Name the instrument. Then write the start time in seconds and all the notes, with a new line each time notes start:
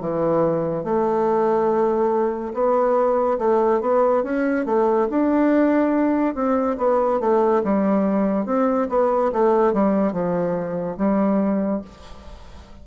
bassoon
0.00 E3
0.84 A3
2.54 B3
3.38 A3
3.81 B3
4.23 C#4
4.66 A3
5.10 D4
6.35 C4
6.78 B3
7.20 A3
7.64 G3
8.46 C4
8.89 B3
9.32 A3
9.73 G3
10.12 F3
10.97 G3